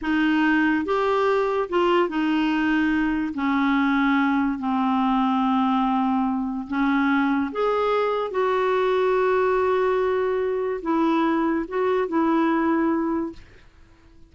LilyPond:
\new Staff \with { instrumentName = "clarinet" } { \time 4/4 \tempo 4 = 144 dis'2 g'2 | f'4 dis'2. | cis'2. c'4~ | c'1 |
cis'2 gis'2 | fis'1~ | fis'2 e'2 | fis'4 e'2. | }